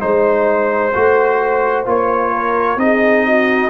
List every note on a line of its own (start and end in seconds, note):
0.00 0.95 G#3
0.00 0.92 D#4
0.00 1.86 C5
0.00 2.33 C5
0.94 1.87 A3
0.94 1.86 F#4
1.86 2.77 A#3
1.86 2.78 F4
1.86 2.80 C#5
2.33 2.79 A#4
2.77 3.69 C4
2.77 3.70 D#4
2.77 3.26 G#4
2.77 3.70 D#5
3.26 3.70 F#4